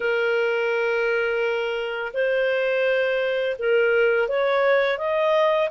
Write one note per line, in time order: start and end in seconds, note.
0.00 2.11 A#4
2.13 3.56 C5
3.58 4.28 A#4
4.28 4.97 C#5
4.97 5.69 D#5